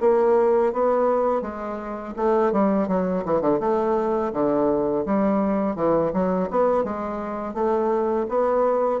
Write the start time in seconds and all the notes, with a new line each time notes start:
0.00 A#3
0.72 B3
1.41 G#3
2.16 A3
2.52 G3
2.88 F#3
3.25 E3
3.41 D3
3.60 A3
4.32 D3
5.05 G3
5.75 E3
6.13 F#3
6.50 B3
6.84 G#3
7.53 A3
8.28 B3